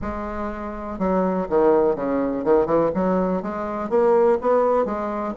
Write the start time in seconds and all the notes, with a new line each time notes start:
0.01 G#3
0.98 F#3
1.49 D#3
1.95 C#3
2.44 D#3
2.66 E3
2.94 F#3
3.42 G#3
3.89 A#3
4.41 B3
4.85 G#3